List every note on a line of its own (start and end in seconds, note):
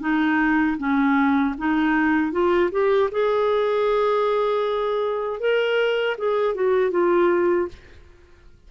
0.00 0.77 D#4
0.78 1.55 C#4
1.58 2.32 D#4
2.32 2.70 F4
2.71 3.10 G4
3.12 5.40 G#4
5.40 6.17 A#4
6.18 6.55 G#4
6.55 6.91 F#4
6.91 7.68 F4